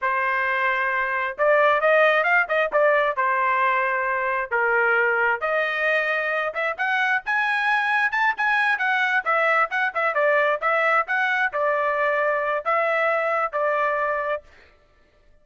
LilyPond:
\new Staff \with { instrumentName = "trumpet" } { \time 4/4 \tempo 4 = 133 c''2. d''4 | dis''4 f''8 dis''8 d''4 c''4~ | c''2 ais'2 | dis''2~ dis''8 e''8 fis''4 |
gis''2 a''8 gis''4 fis''8~ | fis''8 e''4 fis''8 e''8 d''4 e''8~ | e''8 fis''4 d''2~ d''8 | e''2 d''2 | }